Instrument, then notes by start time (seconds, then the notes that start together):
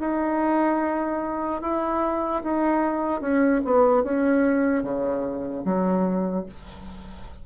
bassoon
0.00 D#4
1.62 E4
2.43 D#4
3.21 C#4
3.65 B3
4.04 C#4
4.84 C#3
5.65 F#3